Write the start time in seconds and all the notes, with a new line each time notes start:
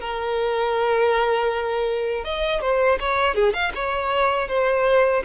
0.00 A#4
2.24 D#5
2.61 C5
3.00 C#5
3.34 G#4
3.53 F5
3.75 C#5
4.48 C5